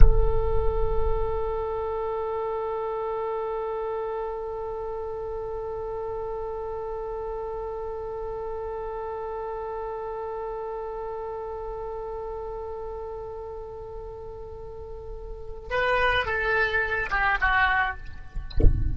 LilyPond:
\new Staff \with { instrumentName = "oboe" } { \time 4/4 \tempo 4 = 107 a'1~ | a'1~ | a'1~ | a'1~ |
a'1~ | a'1~ | a'1 | b'4 a'4. g'8 fis'4 | }